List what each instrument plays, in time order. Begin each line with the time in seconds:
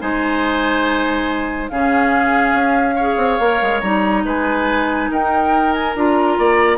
0.00 bassoon G#3, clarinet D#4, oboe C5, flute G#5
1.70 bassoon C#3, clarinet C#4, oboe G#4, flute F5
2.53 bassoon C#4
2.96 clarinet G#4, oboe C#5
3.17 bassoon C4
3.40 bassoon A#3, clarinet A#4
3.62 bassoon G#3
3.81 bassoon G3, clarinet D#4, flute A#5
4.25 bassoon G#3, oboe B4, flute G#5
5.12 bassoon D#4, oboe A#4, flute G5
5.74 flute G#5
5.96 bassoon D4, clarinet F4, flute A#5
6.39 bassoon A#3, oboe D5